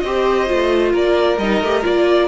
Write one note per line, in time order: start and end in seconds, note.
0.00 0.49 C4
0.00 0.46 G4
0.00 0.92 C5
0.00 0.92 D#5
0.46 0.93 A3
0.46 1.37 F4
0.92 1.38 A#3
0.92 2.28 A#4
0.92 1.38 D5
1.38 1.60 G3
1.38 1.65 D#4
1.38 1.84 D#5
1.60 1.83 A3
1.60 1.83 G4
1.83 2.28 A#3
1.83 2.28 F4
1.83 2.28 D5